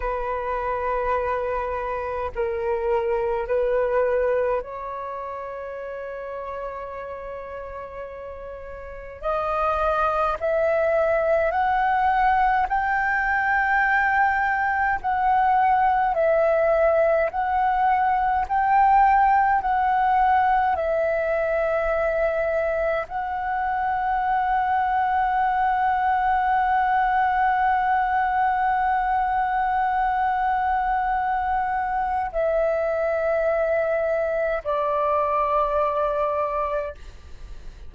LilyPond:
\new Staff \with { instrumentName = "flute" } { \time 4/4 \tempo 4 = 52 b'2 ais'4 b'4 | cis''1 | dis''4 e''4 fis''4 g''4~ | g''4 fis''4 e''4 fis''4 |
g''4 fis''4 e''2 | fis''1~ | fis''1 | e''2 d''2 | }